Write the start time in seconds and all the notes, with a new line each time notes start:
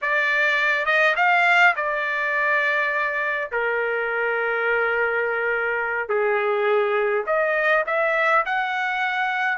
0.01 D5
0.85 D#5
1.16 F5
1.76 D5
3.51 A#4
6.08 G#4
7.26 D#5
7.86 E5
8.45 F#5